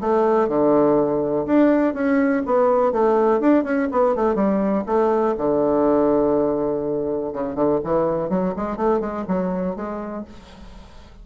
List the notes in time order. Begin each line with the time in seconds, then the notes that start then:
0.00 A3
0.48 D3
1.46 D4
1.93 C#4
2.45 B3
2.92 A3
3.40 D4
3.63 C#4
3.91 B3
4.15 A3
4.35 G3
4.86 A3
5.37 D3
7.33 C#3
7.55 D3
7.83 E3
8.29 F#3
8.56 G#3
8.76 A3
9.00 G#3
9.27 F#3
9.75 G#3